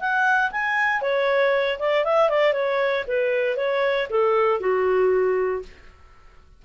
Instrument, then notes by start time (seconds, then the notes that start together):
clarinet
0.00 F#5
0.52 G#5
1.02 C#5
1.79 D5
2.05 E5
2.30 D5
2.53 C#5
3.08 B4
3.57 C#5
4.10 A4
4.60 F#4